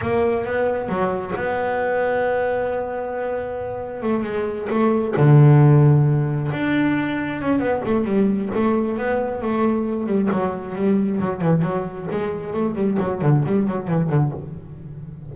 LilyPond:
\new Staff \with { instrumentName = "double bass" } { \time 4/4 \tempo 4 = 134 ais4 b4 fis4 b4~ | b1~ | b4 a8 gis4 a4 d8~ | d2~ d8 d'4.~ |
d'8 cis'8 b8 a8 g4 a4 | b4 a4. g8 fis4 | g4 fis8 e8 fis4 gis4 | a8 g8 fis8 d8 g8 fis8 e8 d8 | }